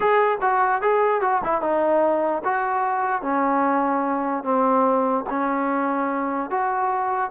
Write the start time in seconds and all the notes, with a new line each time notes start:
0.00 G#4
0.41 F#4
0.81 G#4
1.21 F#4
1.44 E4
1.61 D#4
2.44 F#4
3.22 C#4
4.43 C4
5.29 C#4
6.50 F#4